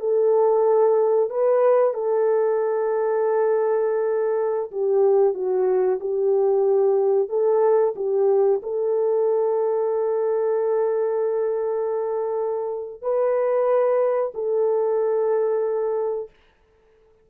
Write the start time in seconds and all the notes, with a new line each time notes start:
0.00 A4
1.30 B4
1.94 A4
4.72 G4
5.34 F#4
6.00 G4
7.29 A4
7.96 G4
8.63 A4
13.02 B4
14.34 A4